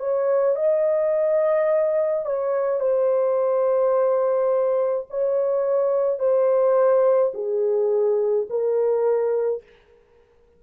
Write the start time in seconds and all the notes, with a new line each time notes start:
0.00 C#5
0.56 D#5
2.25 C#5
2.80 C5
5.10 C#5
6.19 C5
7.34 G#4
8.50 A#4